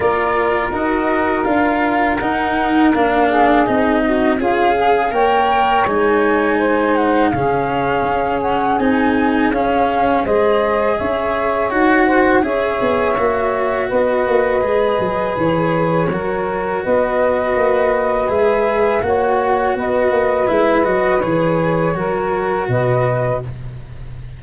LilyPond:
<<
  \new Staff \with { instrumentName = "flute" } { \time 4/4 \tempo 4 = 82 d''4 dis''4 f''4 fis''4 | f''4 dis''4 f''4 g''4 | gis''4. fis''8 f''4. fis''8 | gis''4 f''4 dis''4 e''4 |
fis''4 e''2 dis''4~ | dis''4 cis''2 dis''4~ | dis''4 e''4 fis''4 dis''4 | e''8 dis''8 cis''2 dis''4 | }
  \new Staff \with { instrumentName = "saxophone" } { \time 4/4 ais'1~ | ais'8 gis'4 fis'8 f'8 gis'8 cis''4~ | cis''4 c''4 gis'2~ | gis'2 c''4 cis''4~ |
cis''8 c''8 cis''2 b'4~ | b'2 ais'4 b'4~ | b'2 cis''4 b'4~ | b'2 ais'4 b'4 | }
  \new Staff \with { instrumentName = "cello" } { \time 4/4 f'4 fis'4 f'4 dis'4 | d'4 dis'4 gis'4 ais'4 | dis'2 cis'2 | dis'4 cis'4 gis'2 |
fis'4 gis'4 fis'2 | gis'2 fis'2~ | fis'4 gis'4 fis'2 | e'8 fis'8 gis'4 fis'2 | }
  \new Staff \with { instrumentName = "tuba" } { \time 4/4 ais4 dis'4 d'4 dis'4 | ais4 c'4 cis'4 ais4 | gis2 cis4 cis'4 | c'4 cis'4 gis4 cis'4 |
dis'4 cis'8 b8 ais4 b8 ais8 | gis8 fis8 e4 fis4 b4 | ais4 gis4 ais4 b8 ais8 | gis8 fis8 e4 fis4 b,4 | }
>>